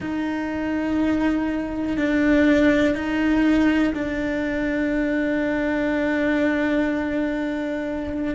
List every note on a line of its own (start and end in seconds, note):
0.00 1.97 D#4
1.97 2.94 D4
2.94 3.93 D#4
3.94 8.34 D4